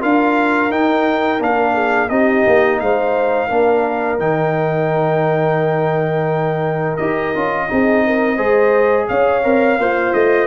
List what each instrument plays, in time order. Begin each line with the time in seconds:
0.00 tuba D4, trombone F4, horn A#4, trumpet F5
0.70 tuba D#4, trombone D#4, trumpet G5
1.39 tuba A#3, trombone D4, trumpet F5
1.74 horn G#4
2.09 tuba C4, trombone D#4, horn G4, trumpet D#5
2.47 tuba A#3
2.79 tuba G#3, horn C5, trumpet F5
3.48 tuba A#3, trombone D4, horn A#4
4.19 tuba D#3, trombone D#4, trumpet G5
6.97 tuba D#4, trombone G4, trumpet D#5
7.35 tuba C#4, trombone F4
7.68 tuba C4, trombone D#4, horn G#4
8.06 horn A#4
8.36 tuba G#3, trombone G#4, horn C5
9.08 tuba C#4, horn C#5, trumpet F5
9.44 tuba C4, trombone A#4
9.78 tuba A#3, horn F4, trombone C5
10.13 tuba A3, trumpet D#5